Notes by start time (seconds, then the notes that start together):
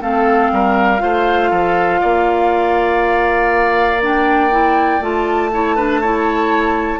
0.00 A3 C4 A4 F5
0.51 G3 A#4
0.98 A3 F4 C5
1.50 F3 A4
2.01 A#3 D5
4.01 D4 G5
4.51 E4
5.00 A3 F4 A5
5.53 E4 C#5
5.76 D4 B4
6.01 E4 C#5